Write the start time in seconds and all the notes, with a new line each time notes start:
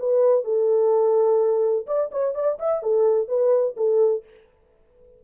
0.00 B4
0.45 A4
1.87 D5
2.12 C#5
2.35 D5
2.59 E5
2.83 A4
3.29 B4
3.77 A4